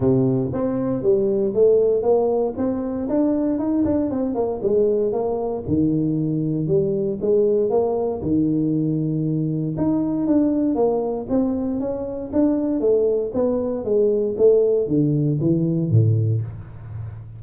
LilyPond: \new Staff \with { instrumentName = "tuba" } { \time 4/4 \tempo 4 = 117 c4 c'4 g4 a4 | ais4 c'4 d'4 dis'8 d'8 | c'8 ais8 gis4 ais4 dis4~ | dis4 g4 gis4 ais4 |
dis2. dis'4 | d'4 ais4 c'4 cis'4 | d'4 a4 b4 gis4 | a4 d4 e4 a,4 | }